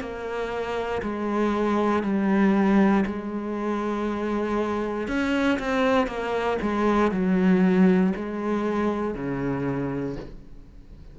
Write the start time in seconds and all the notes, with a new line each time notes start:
0.00 A#3
1.02 G#3
2.03 G3
3.06 G#3
5.08 C#4
5.59 C4
6.07 A#3
6.61 G#3
7.11 F#3
8.16 G#3
9.14 C#3